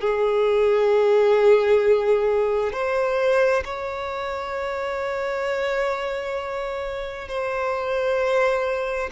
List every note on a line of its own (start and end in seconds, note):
0.00 2.72 G#4
2.72 3.63 C5
3.64 7.28 C#5
7.28 9.10 C5